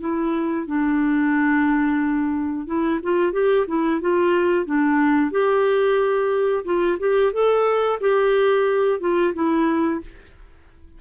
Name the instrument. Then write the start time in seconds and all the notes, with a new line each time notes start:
clarinet
0.00 E4
0.67 D4
2.67 E4
3.03 F4
3.32 G4
3.67 E4
4.01 F4
4.65 D4
5.31 G4
6.65 F4
6.99 G4
7.33 A4
8.00 G4
9.00 F4
9.34 E4